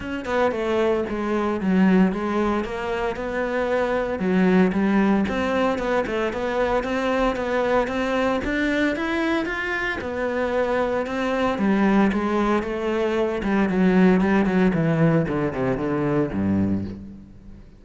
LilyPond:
\new Staff \with { instrumentName = "cello" } { \time 4/4 \tempo 4 = 114 cis'8 b8 a4 gis4 fis4 | gis4 ais4 b2 | fis4 g4 c'4 b8 a8 | b4 c'4 b4 c'4 |
d'4 e'4 f'4 b4~ | b4 c'4 g4 gis4 | a4. g8 fis4 g8 fis8 | e4 d8 c8 d4 g,4 | }